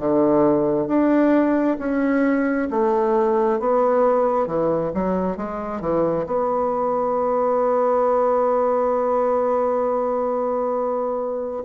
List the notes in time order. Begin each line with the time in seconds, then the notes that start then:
0.00 D3
0.88 D4
1.79 C#4
2.70 A3
3.60 B3
4.47 E3
4.94 F#3
5.37 G#3
5.81 E3
6.26 B3